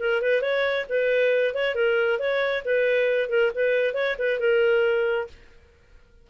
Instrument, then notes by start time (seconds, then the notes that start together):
clarinet
0.00 A#4
0.22 B4
0.42 C#5
0.89 B4
1.55 C#5
1.75 A#4
2.20 C#5
2.65 B4
3.29 A#4
3.55 B4
3.94 C#5
4.19 B4
4.40 A#4